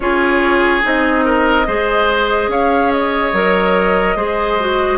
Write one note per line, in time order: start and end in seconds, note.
0.00 0.82 C#4
0.00 0.82 F4
0.00 1.24 G#4
0.00 0.82 C#5
0.82 1.67 C4
0.82 1.65 D#4
0.82 2.51 D#5
1.24 1.66 A#4
1.67 2.48 G#3
1.67 3.33 G#4
1.67 2.50 C5
2.48 3.31 C#4
2.48 4.16 C#5
2.48 2.91 F5
2.91 4.98 D#5
3.32 4.15 F#3
3.32 4.16 A#4
4.15 4.98 G#3
4.15 4.58 G#4
4.15 4.98 C5
4.59 4.98 F#4